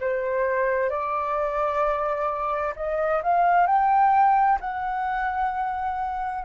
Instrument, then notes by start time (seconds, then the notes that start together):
flute
0.00 C5
0.90 D5
2.76 D#5
3.23 F5
3.67 G5
4.60 F#5